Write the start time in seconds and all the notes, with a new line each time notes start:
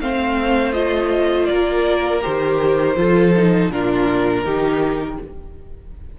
0.00 A3 C4 C5 F5
0.72 F4 D#5
1.46 A#3 A#4 D5
2.21 D#3 G4 C5
2.96 F3 F4 A4
3.36 D#4
3.69 A#2 D4 F4 A#4
4.43 D#3 D#4 G4